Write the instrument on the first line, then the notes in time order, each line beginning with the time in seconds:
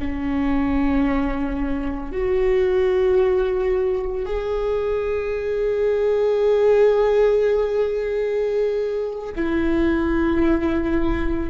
viola
0.00 C#4
2.12 F#4
4.26 G#4
9.36 E4